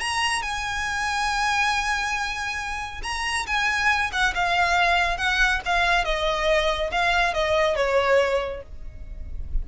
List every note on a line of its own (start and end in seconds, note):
0.00 0.42 A#5
0.42 3.01 G#5
3.03 3.46 A#5
3.46 4.11 G#5
4.12 4.34 F#5
4.34 5.17 F5
5.17 5.60 F#5
5.65 6.04 F5
6.04 6.91 D#5
6.91 7.34 F5
7.34 7.76 D#5
7.76 8.62 C#5